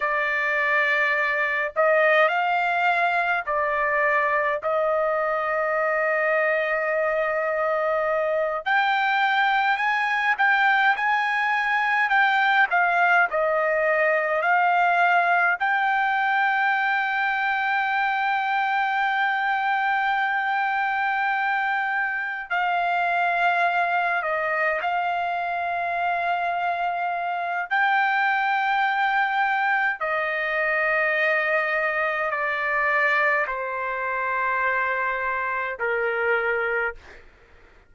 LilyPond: \new Staff \with { instrumentName = "trumpet" } { \time 4/4 \tempo 4 = 52 d''4. dis''8 f''4 d''4 | dis''2.~ dis''8 g''8~ | g''8 gis''8 g''8 gis''4 g''8 f''8 dis''8~ | dis''8 f''4 g''2~ g''8~ |
g''2.~ g''8 f''8~ | f''4 dis''8 f''2~ f''8 | g''2 dis''2 | d''4 c''2 ais'4 | }